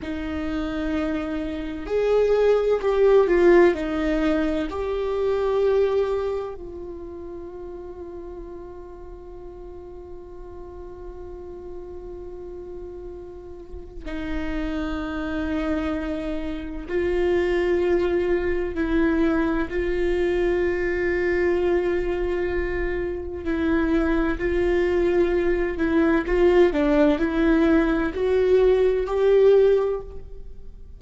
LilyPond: \new Staff \with { instrumentName = "viola" } { \time 4/4 \tempo 4 = 64 dis'2 gis'4 g'8 f'8 | dis'4 g'2 f'4~ | f'1~ | f'2. dis'4~ |
dis'2 f'2 | e'4 f'2.~ | f'4 e'4 f'4. e'8 | f'8 d'8 e'4 fis'4 g'4 | }